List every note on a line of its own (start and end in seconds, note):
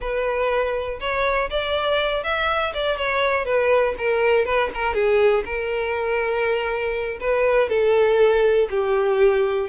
0.00 0.99 B4
1.00 1.49 C#5
1.49 2.23 D5
2.23 2.73 E5
2.74 2.97 D5
2.97 3.45 C#5
3.45 3.94 B4
3.98 4.45 A#4
4.45 4.69 B4
4.74 4.93 A#4
4.93 5.43 G#4
5.45 7.18 A#4
7.20 7.69 B4
7.69 8.68 A4
8.70 9.69 G4